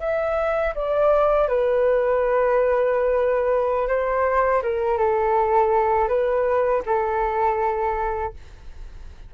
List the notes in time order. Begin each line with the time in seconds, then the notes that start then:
0.00 E5
0.75 D5
1.48 B4
3.88 C5
4.62 A#4
4.98 A4
6.08 B4
6.86 A4